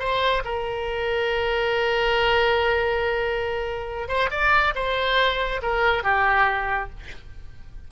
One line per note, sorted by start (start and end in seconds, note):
0.00 0.43 C5
0.45 4.09 A#4
4.09 4.30 C5
4.31 4.74 D5
4.75 5.62 C5
5.63 6.04 A#4
6.04 6.90 G4